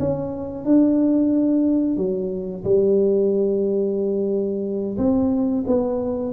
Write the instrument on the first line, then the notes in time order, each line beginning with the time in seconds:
tuba
0.00 C#4
0.65 D4
1.97 F#3
2.64 G3
4.98 C4
5.67 B3